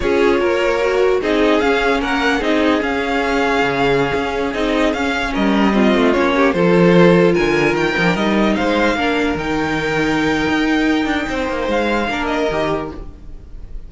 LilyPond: <<
  \new Staff \with { instrumentName = "violin" } { \time 4/4 \tempo 4 = 149 cis''2. dis''4 | f''4 fis''4 dis''4 f''4~ | f''2.~ f''16 dis''8.~ | dis''16 f''4 dis''2 cis''8.~ |
cis''16 c''2 gis''4 g''8.~ | g''16 dis''4 f''2 g''8.~ | g''1~ | g''4 f''4. dis''4. | }
  \new Staff \with { instrumentName = "violin" } { \time 4/4 gis'4 ais'2 gis'4~ | gis'4 ais'4 gis'2~ | gis'1~ | gis'4~ gis'16 ais'4 f'4. g'16~ |
g'16 a'2 ais'4.~ ais'16~ | ais'4~ ais'16 c''4 ais'4.~ ais'16~ | ais'1 | c''2 ais'2 | }
  \new Staff \with { instrumentName = "viola" } { \time 4/4 f'2 fis'4 dis'4 | cis'2 dis'4 cis'4~ | cis'2.~ cis'16 dis'8.~ | dis'16 cis'2 c'4 cis'8.~ |
cis'16 f'2.~ f'8 dis'16 | d'16 dis'2 d'4 dis'8.~ | dis'1~ | dis'2 d'4 g'4 | }
  \new Staff \with { instrumentName = "cello" } { \time 4/4 cis'4 ais2 c'4 | cis'4 ais4 c'4 cis'4~ | cis'4 cis4~ cis16 cis'4 c'8.~ | c'16 cis'4 g4. a8 ais8.~ |
ais16 f2 d4 dis8 f16~ | f16 g4 gis4 ais4 dis8.~ | dis2 dis'4. d'8 | c'8 ais8 gis4 ais4 dis4 | }
>>